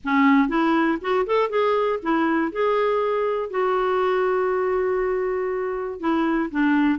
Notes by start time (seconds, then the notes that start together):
0.04 C#4
0.48 E4
1.01 F#4
1.26 A4
1.49 G#4
2.02 E4
2.52 G#4
3.50 F#4
6.00 E4
6.51 D4